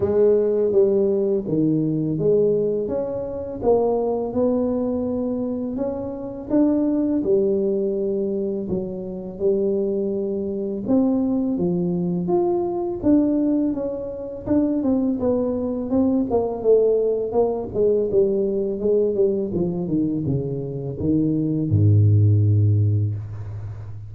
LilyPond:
\new Staff \with { instrumentName = "tuba" } { \time 4/4 \tempo 4 = 83 gis4 g4 dis4 gis4 | cis'4 ais4 b2 | cis'4 d'4 g2 | fis4 g2 c'4 |
f4 f'4 d'4 cis'4 | d'8 c'8 b4 c'8 ais8 a4 | ais8 gis8 g4 gis8 g8 f8 dis8 | cis4 dis4 gis,2 | }